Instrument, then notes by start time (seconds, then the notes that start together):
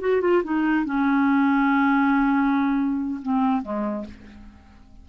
clarinet
0.00 F#4
0.21 F4
0.44 D#4
0.85 C#4
3.22 C4
3.62 G#3